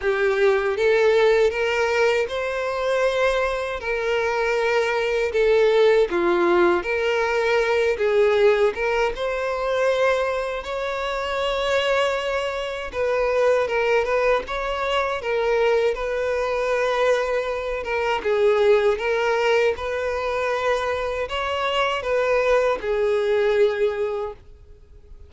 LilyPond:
\new Staff \with { instrumentName = "violin" } { \time 4/4 \tempo 4 = 79 g'4 a'4 ais'4 c''4~ | c''4 ais'2 a'4 | f'4 ais'4. gis'4 ais'8 | c''2 cis''2~ |
cis''4 b'4 ais'8 b'8 cis''4 | ais'4 b'2~ b'8 ais'8 | gis'4 ais'4 b'2 | cis''4 b'4 gis'2 | }